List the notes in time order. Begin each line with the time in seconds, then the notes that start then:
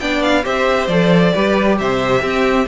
0.00 B3 D4 D5 G5
0.22 F5
0.43 C4 G4 C5 E5
0.87 F3 A4 D5
1.33 G3 G4 B4
1.78 C3 C5 E5
2.21 C4 G4